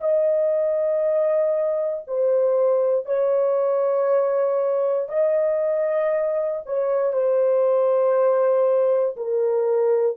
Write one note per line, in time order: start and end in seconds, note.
0.00 2.03 D#5
2.07 3.06 C5
3.06 5.08 C#5
5.08 6.61 D#5
6.65 7.13 C#5
7.13 9.16 C5
9.17 10.16 A#4